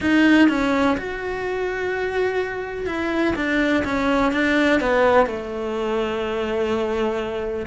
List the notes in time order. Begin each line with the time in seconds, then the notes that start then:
0.00 D#4
0.48 C#4
0.97 F#4
2.86 E4
3.35 D4
3.84 C#4
4.32 D4
4.80 B3
5.26 A3